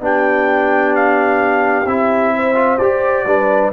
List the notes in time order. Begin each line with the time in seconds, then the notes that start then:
0.00 B3 D4 G4 G5
0.95 F5
1.86 C4 E4 E5
2.35 C5
2.54 F4
2.78 G4 D5
3.25 G3 D4 B4